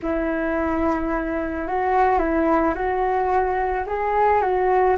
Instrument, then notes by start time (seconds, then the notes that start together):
flute
0.02 E4
1.67 F#4
2.19 E4
2.74 F#4
3.86 G#4
4.41 F#4